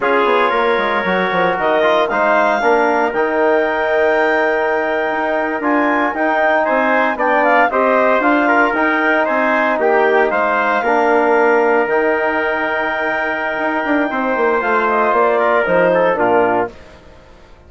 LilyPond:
<<
  \new Staff \with { instrumentName = "clarinet" } { \time 4/4 \tempo 4 = 115 cis''2. dis''4 | f''2 g''2~ | g''2~ g''8. gis''4 g''16~ | g''8. gis''4 g''8 f''8 dis''4 f''16~ |
f''8. g''4 gis''4 g''4 f''16~ | f''2~ f''8. g''4~ g''16~ | g''1 | f''8 dis''8 d''4 c''4 ais'4 | }
  \new Staff \with { instrumentName = "trumpet" } { \time 4/4 gis'4 ais'2. | c''4 ais'2.~ | ais'1~ | ais'8. c''4 d''4 c''4~ c''16~ |
c''16 ais'4. c''4 g'4 c''16~ | c''8. ais'2.~ ais'16~ | ais'2. c''4~ | c''4. ais'4 a'8 f'4 | }
  \new Staff \with { instrumentName = "trombone" } { \time 4/4 f'2 fis'4. f'8 | dis'4 d'4 dis'2~ | dis'2~ dis'8. f'4 dis'16~ | dis'4.~ dis'16 d'4 g'4 f'16~ |
f'8. dis'2.~ dis'16~ | dis'8. d'2 dis'4~ dis'16~ | dis'1 | f'2 dis'4 d'4 | }
  \new Staff \with { instrumentName = "bassoon" } { \time 4/4 cis'8 b8 ais8 gis8 fis8 f8 dis4 | gis4 ais4 dis2~ | dis4.~ dis16 dis'4 d'4 dis'16~ | dis'8. c'4 b4 c'4 d'16~ |
d'8. dis'4 c'4 ais4 gis16~ | gis8. ais2 dis4~ dis16~ | dis2 dis'8 d'8 c'8 ais8 | a4 ais4 f4 ais,4 | }
>>